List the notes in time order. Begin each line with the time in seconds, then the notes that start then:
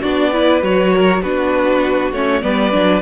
0.00 B3 D4 F#4 D5
0.32 E4 B4
0.61 F#3 F#4 C#5
0.94 A#4
1.22 B3 D4 F#4 B4
2.12 A3 C#4 C#5
2.41 G3 B3 B4 D5
2.71 F#3 D4